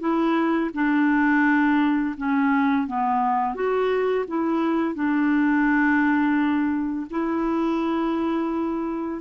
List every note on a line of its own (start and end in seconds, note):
0.00 0.71 E4
0.74 2.16 D4
2.17 2.87 C#4
2.87 3.55 B3
3.55 4.25 F#4
4.28 4.95 E4
4.95 7.07 D4
7.10 9.21 E4